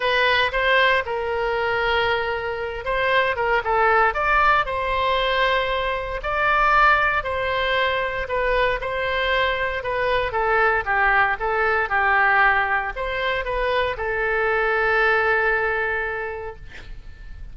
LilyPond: \new Staff \with { instrumentName = "oboe" } { \time 4/4 \tempo 4 = 116 b'4 c''4 ais'2~ | ais'4. c''4 ais'8 a'4 | d''4 c''2. | d''2 c''2 |
b'4 c''2 b'4 | a'4 g'4 a'4 g'4~ | g'4 c''4 b'4 a'4~ | a'1 | }